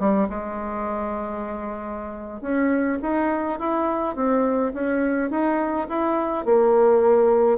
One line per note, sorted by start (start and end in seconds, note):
0.00 0.29 G3
0.30 2.42 G#3
2.42 2.99 C#4
3.02 3.59 D#4
3.59 4.16 E4
4.16 4.73 C4
4.74 5.31 C#4
5.31 5.88 D#4
5.89 6.46 E4
6.46 7.58 A#3